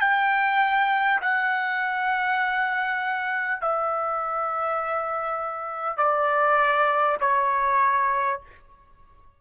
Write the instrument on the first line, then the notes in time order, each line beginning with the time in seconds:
trumpet
0.00 G5
1.21 F#5
3.61 E5
5.97 D5
7.20 C#5